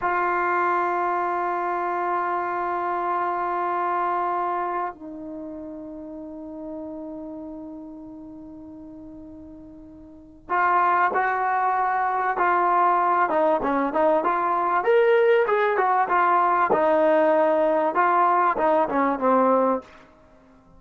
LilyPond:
\new Staff \with { instrumentName = "trombone" } { \time 4/4 \tempo 4 = 97 f'1~ | f'1 | dis'1~ | dis'1~ |
dis'4 f'4 fis'2 | f'4. dis'8 cis'8 dis'8 f'4 | ais'4 gis'8 fis'8 f'4 dis'4~ | dis'4 f'4 dis'8 cis'8 c'4 | }